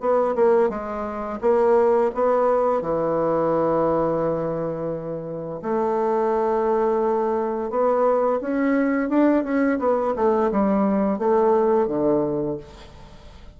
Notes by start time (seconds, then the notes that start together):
0.00 B3
0.35 A#3
0.69 G#3
1.41 A#3
2.14 B3
2.81 E3
5.62 A3
7.70 B3
8.41 C#4
9.09 D4
9.43 C#4
9.79 B3
10.15 A3
10.51 G3
11.18 A3
11.87 D3